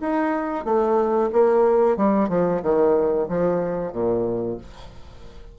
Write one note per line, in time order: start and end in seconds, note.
0.00 0.65 D#4
0.65 1.30 A3
1.32 1.97 A#3
1.97 2.29 G3
2.29 2.61 F3
2.62 3.28 D#3
3.28 3.92 F3
3.92 4.57 A#2